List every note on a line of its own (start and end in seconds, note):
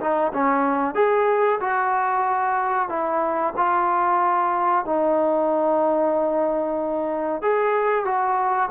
0.00 0.32 D#4
0.33 0.95 C#4
0.95 1.59 G#4
1.60 2.89 F#4
2.89 3.54 E4
3.57 4.85 F4
4.85 7.42 D#4
7.42 8.05 G#4
8.05 8.69 F#4